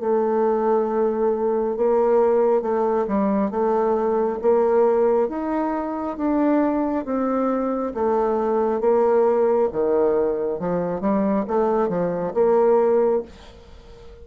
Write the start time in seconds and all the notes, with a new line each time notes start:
0.00 A3
1.77 A#3
2.62 A3
3.08 G3
3.51 A3
4.42 A#3
5.29 D#4
6.17 D4
7.05 C4
7.94 A3
8.81 A#3
9.73 D#3
10.60 F3
11.01 G3
11.48 A3
11.89 F3
12.34 A#3